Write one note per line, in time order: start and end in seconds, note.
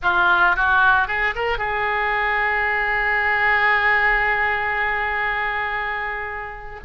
0.02 0.56 F4
0.56 1.07 F#4
1.07 1.34 G#4
1.35 1.58 A#4
1.58 6.80 G#4